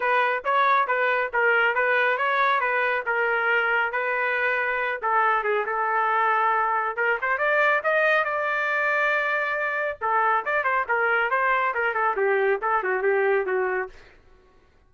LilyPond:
\new Staff \with { instrumentName = "trumpet" } { \time 4/4 \tempo 4 = 138 b'4 cis''4 b'4 ais'4 | b'4 cis''4 b'4 ais'4~ | ais'4 b'2~ b'8 a'8~ | a'8 gis'8 a'2. |
ais'8 c''8 d''4 dis''4 d''4~ | d''2. a'4 | d''8 c''8 ais'4 c''4 ais'8 a'8 | g'4 a'8 fis'8 g'4 fis'4 | }